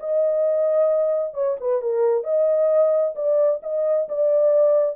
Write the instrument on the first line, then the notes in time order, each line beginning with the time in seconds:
horn
0.00 D#5
1.34 C#5
1.60 B4
1.82 A#4
2.24 D#5
3.15 D5
3.63 D#5
4.09 D5